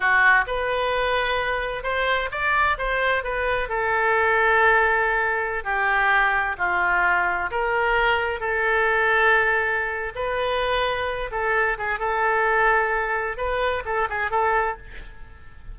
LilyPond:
\new Staff \with { instrumentName = "oboe" } { \time 4/4 \tempo 4 = 130 fis'4 b'2. | c''4 d''4 c''4 b'4 | a'1~ | a'16 g'2 f'4.~ f'16~ |
f'16 ais'2 a'4.~ a'16~ | a'2 b'2~ | b'8 a'4 gis'8 a'2~ | a'4 b'4 a'8 gis'8 a'4 | }